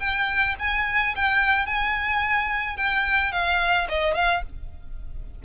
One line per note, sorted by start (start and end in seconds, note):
0.00 0.56 G5
0.60 1.15 G#5
1.16 1.66 G5
1.66 2.77 G#5
2.77 3.33 G5
3.33 3.88 F5
3.89 4.15 D#5
4.15 4.43 F5